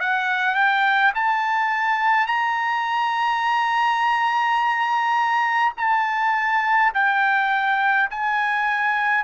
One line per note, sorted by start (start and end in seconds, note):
0.00 0.55 F#5
0.55 1.12 G5
1.14 2.27 A5
2.27 5.73 A#5
5.77 6.92 A5
6.94 8.09 G5
8.10 9.24 G#5